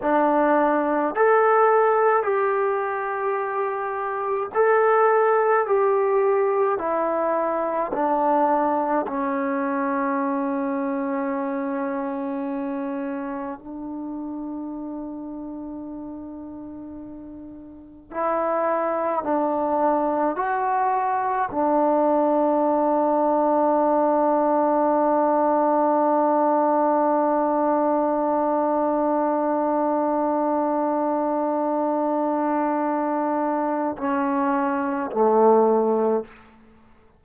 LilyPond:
\new Staff \with { instrumentName = "trombone" } { \time 4/4 \tempo 4 = 53 d'4 a'4 g'2 | a'4 g'4 e'4 d'4 | cis'1 | d'1 |
e'4 d'4 fis'4 d'4~ | d'1~ | d'1~ | d'2 cis'4 a4 | }